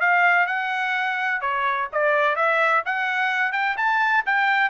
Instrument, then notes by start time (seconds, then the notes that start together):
trumpet
0.00 F5
0.47 F#5
1.41 C#5
1.92 D5
2.36 E5
2.86 F#5
3.52 G5
3.77 A5
4.26 G5